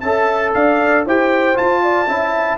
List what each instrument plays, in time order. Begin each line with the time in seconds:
0.00 tuba C#4, trombone A4, horn E5, trumpet A5
0.54 tuba D4, horn D5, trumpet F5
1.06 tuba E4, trombone G4, horn C5, trumpet G5
1.55 trombone F4, tuba F4, trumpet A5
1.83 horn D5
2.07 tuba C#4, trombone E4, horn E5